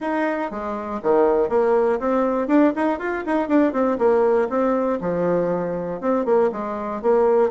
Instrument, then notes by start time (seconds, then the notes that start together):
bassoon
0.00 D#4
0.50 G#3
1.02 D#3
1.49 A#3
1.99 C4
2.48 D4
2.75 D#4
2.98 F4
3.25 D#4
3.48 D4
3.72 C4
3.98 A#3
4.49 C4
5.00 F3
6.00 C4
6.25 A#3
6.52 G#3
7.02 A#3